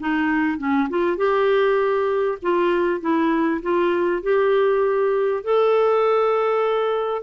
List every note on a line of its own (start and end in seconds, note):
0.00 0.58 D#4
0.58 0.88 C#4
0.89 1.17 F4
1.17 2.38 G4
2.42 3.01 F4
3.01 3.61 E4
3.62 4.23 F4
4.23 5.44 G4
5.44 7.23 A4